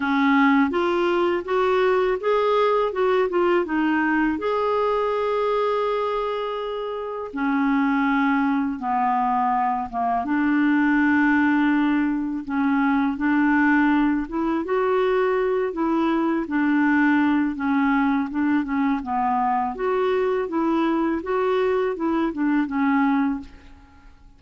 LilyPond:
\new Staff \with { instrumentName = "clarinet" } { \time 4/4 \tempo 4 = 82 cis'4 f'4 fis'4 gis'4 | fis'8 f'8 dis'4 gis'2~ | gis'2 cis'2 | b4. ais8 d'2~ |
d'4 cis'4 d'4. e'8 | fis'4. e'4 d'4. | cis'4 d'8 cis'8 b4 fis'4 | e'4 fis'4 e'8 d'8 cis'4 | }